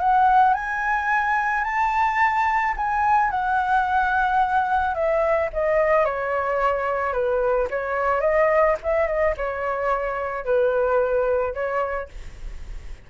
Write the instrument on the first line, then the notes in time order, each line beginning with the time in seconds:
flute
0.00 F#5
0.54 G#5
1.64 A5
2.77 G#5
3.31 F#5
4.95 E5
5.53 D#5
6.06 C#5
7.13 B4
7.71 C#5
8.21 D#5
8.83 E5
9.08 D#5
9.38 C#5
10.45 B4
11.54 C#5